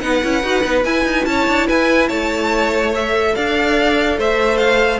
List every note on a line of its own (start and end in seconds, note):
0.00 0.23 B3
0.00 0.22 D#4
0.00 1.28 B4
0.00 0.83 F#5
0.22 0.43 C#4
0.22 0.43 E4
0.43 0.64 D#4
0.43 0.63 F#4
0.63 0.85 B3
0.63 0.84 D#4
0.85 1.04 E4
0.85 2.93 E4
0.85 1.25 G#5
1.04 1.25 D#4
1.25 1.47 C#4
1.25 1.67 C#5
1.25 1.67 A5
1.48 1.68 D4
1.67 2.10 E4
1.67 2.08 B4
1.67 2.08 G#5
2.08 3.35 A3
2.08 3.33 C#5
2.08 2.92 A5
2.93 4.99 A4
2.93 3.35 E5
3.35 4.18 D4
3.35 4.17 D5
3.35 4.18 F5
4.17 4.99 A3
4.17 4.99 C5
4.17 4.58 E5
4.58 4.99 F5